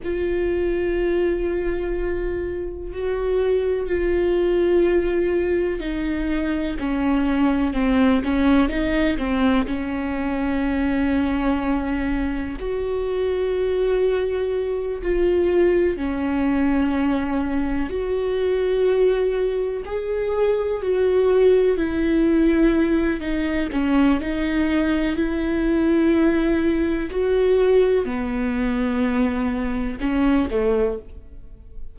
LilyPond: \new Staff \with { instrumentName = "viola" } { \time 4/4 \tempo 4 = 62 f'2. fis'4 | f'2 dis'4 cis'4 | c'8 cis'8 dis'8 c'8 cis'2~ | cis'4 fis'2~ fis'8 f'8~ |
f'8 cis'2 fis'4.~ | fis'8 gis'4 fis'4 e'4. | dis'8 cis'8 dis'4 e'2 | fis'4 b2 cis'8 a8 | }